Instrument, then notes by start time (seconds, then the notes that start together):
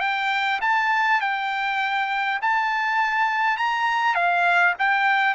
trumpet
0.00 G5
0.61 A5
1.21 G5
2.41 A5
3.57 A#5
4.14 F5
4.79 G5